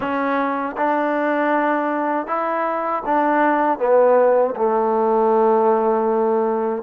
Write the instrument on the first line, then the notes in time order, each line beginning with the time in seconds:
trombone
0.00 C#4
0.77 D4
2.26 E4
3.05 D4
3.78 B3
4.56 A3